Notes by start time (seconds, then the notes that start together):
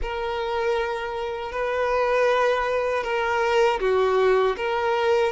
0.01 A#4
1.52 B4
3.03 A#4
3.80 F#4
4.56 A#4